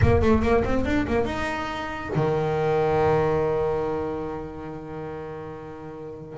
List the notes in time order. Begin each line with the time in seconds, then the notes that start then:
0.01 A#3
0.21 A3
0.42 A#3
0.64 C4
0.85 D4
1.07 A#3
1.25 D#4
2.15 D#3